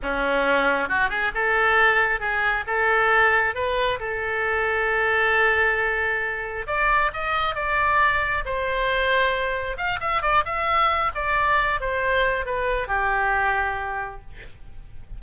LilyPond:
\new Staff \with { instrumentName = "oboe" } { \time 4/4 \tempo 4 = 135 cis'2 fis'8 gis'8 a'4~ | a'4 gis'4 a'2 | b'4 a'2.~ | a'2. d''4 |
dis''4 d''2 c''4~ | c''2 f''8 e''8 d''8 e''8~ | e''4 d''4. c''4. | b'4 g'2. | }